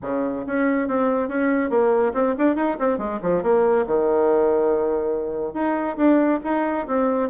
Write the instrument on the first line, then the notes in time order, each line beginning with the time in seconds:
bassoon
0.02 C#3
0.46 C#4
0.88 C4
1.28 C#4
1.69 A#3
2.13 C4
2.37 D4
2.55 D#4
2.79 C4
2.98 G#3
3.22 F3
3.42 A#3
3.86 D#3
5.53 D#4
5.96 D4
6.44 D#4
6.87 C4